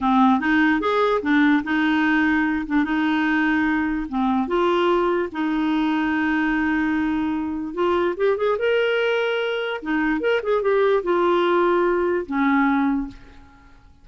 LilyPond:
\new Staff \with { instrumentName = "clarinet" } { \time 4/4 \tempo 4 = 147 c'4 dis'4 gis'4 d'4 | dis'2~ dis'8 d'8 dis'4~ | dis'2 c'4 f'4~ | f'4 dis'2.~ |
dis'2. f'4 | g'8 gis'8 ais'2. | dis'4 ais'8 gis'8 g'4 f'4~ | f'2 cis'2 | }